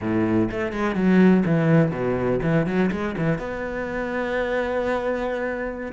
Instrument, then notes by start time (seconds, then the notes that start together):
cello
0.01 A2
0.50 A3
0.72 G#3
0.95 F#3
1.45 E3
1.91 B2
2.42 E3
2.66 F#3
2.91 G#3
3.17 E3
3.38 B3